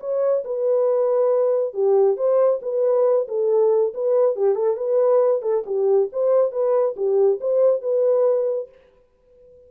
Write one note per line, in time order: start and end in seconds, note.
0.00 0.43 C#5
0.44 1.73 B4
1.73 2.16 G4
2.16 2.60 C5
2.62 3.27 B4
3.28 3.93 A4
3.94 4.36 B4
4.36 4.55 G4
4.55 4.77 A4
4.77 5.42 B4
5.42 5.64 A4
5.66 6.09 G4
6.12 6.52 C5
6.52 6.95 B4
6.96 7.40 G4
7.40 7.82 C5
7.82 8.69 B4